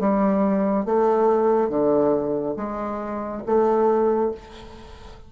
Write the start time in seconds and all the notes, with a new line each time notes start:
0.00 G3
0.86 A3
1.70 D3
2.57 G#3
3.46 A3